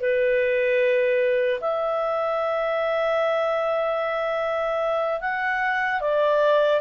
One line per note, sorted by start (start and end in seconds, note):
0.00 1.60 B4
1.61 5.21 E5
5.21 6.01 F#5
6.01 6.81 D5